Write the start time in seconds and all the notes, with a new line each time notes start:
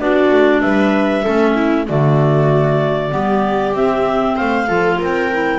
0.00 B3 D4 F#4 D5
0.31 A3
0.61 G3 B4 E5
1.23 A3 C#4 A4
1.55 E4
1.88 D3 A3 F#4 D5
3.11 G3 B3 G4
3.74 C4 E5
4.36 A3 C5 F5
4.67 F3 F4 A4
4.99 C4 A#4 G5
5.33 E4